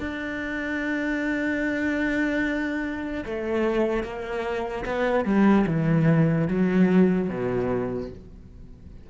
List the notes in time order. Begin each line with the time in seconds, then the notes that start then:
0.00 D4
3.25 A3
4.04 A#3
4.85 B3
5.25 G3
5.67 E3
6.48 F#3
7.29 B2